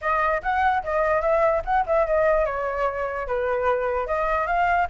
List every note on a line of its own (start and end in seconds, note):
0.01 0.42 D#5
0.42 0.83 F#5
0.83 1.21 D#5
1.21 1.62 E5
1.64 1.85 F#5
1.86 2.06 E5
2.06 2.45 D#5
2.45 3.27 C#5
3.27 4.06 B4
4.06 4.46 D#5
4.46 4.87 F5